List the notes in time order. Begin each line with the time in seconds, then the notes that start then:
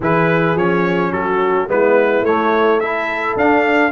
0.00 E3 E4 G#4 B4
0.55 F3 C#4 C#5
1.11 F#3 F#4 A4
1.68 G#3 B3 E4 B4
2.22 A3 C#5
2.79 E4 A4 E5
3.36 D4 F5